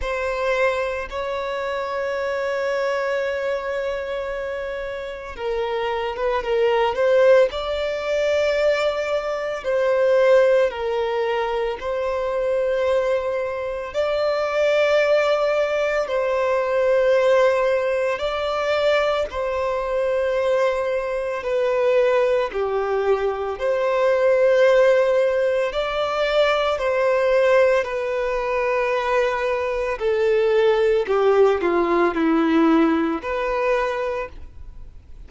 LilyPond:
\new Staff \with { instrumentName = "violin" } { \time 4/4 \tempo 4 = 56 c''4 cis''2.~ | cis''4 ais'8. b'16 ais'8 c''8 d''4~ | d''4 c''4 ais'4 c''4~ | c''4 d''2 c''4~ |
c''4 d''4 c''2 | b'4 g'4 c''2 | d''4 c''4 b'2 | a'4 g'8 f'8 e'4 b'4 | }